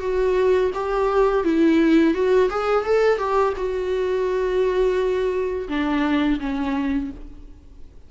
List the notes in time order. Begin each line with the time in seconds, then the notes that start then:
0.00 F#4
0.74 G4
1.44 E4
2.14 F#4
2.49 G#4
2.85 A4
3.18 G4
3.56 F#4
5.68 D4
6.39 C#4